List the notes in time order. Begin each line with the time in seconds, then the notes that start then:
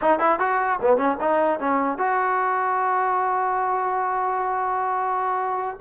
0.01 D#4
0.19 E4
0.39 F#4
0.81 B3
0.97 C#4
1.20 D#4
1.59 C#4
1.97 F#4